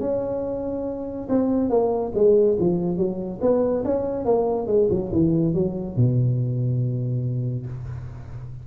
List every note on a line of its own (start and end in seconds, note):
0.00 1.28 C#4
1.29 1.69 C4
1.69 2.12 A#3
2.14 2.57 G#3
2.59 2.97 F3
2.97 3.40 F#3
3.41 3.83 B3
3.84 4.25 C#4
4.25 4.67 A#3
4.67 4.88 G#3
4.90 5.11 F#3
5.12 5.54 E3
5.54 5.96 F#3
5.96 7.66 B2